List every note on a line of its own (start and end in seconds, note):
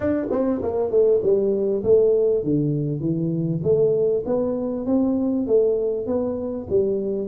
0.00 0.26 D4
0.30 0.61 C4
0.62 0.90 A#3
0.90 1.21 A3
1.22 1.83 G3
1.83 2.43 A3
2.43 3.00 D3
3.00 3.61 E3
3.63 4.23 A3
4.25 4.86 B3
4.86 5.46 C4
5.46 6.06 A3
6.06 6.67 B3
6.69 7.27 G3